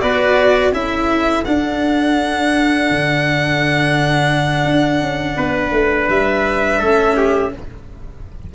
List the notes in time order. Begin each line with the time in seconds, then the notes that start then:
0.00 B3 F#4 B4 D5
0.72 C#4 E4 A4 E5
1.44 D4 F#5
2.90 D3
4.64 D4
5.00 C#4
5.36 B3 B4
5.71 A3
6.08 G3 E5
6.78 A3 C#4 A4
7.16 G4